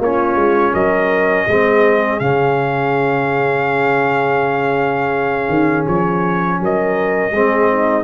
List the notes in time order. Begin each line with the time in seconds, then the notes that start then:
0.00 A#3 C#4 F4 C#5
0.36 G#3
0.73 F#3 A#4 D#5
1.48 G#3 C4 G#4
2.20 C#3 C#4 F5
5.49 D#3
5.87 F3 C#5
6.61 F#3 A#4 D#5
7.31 G#3 C4 G#4
7.70 D#4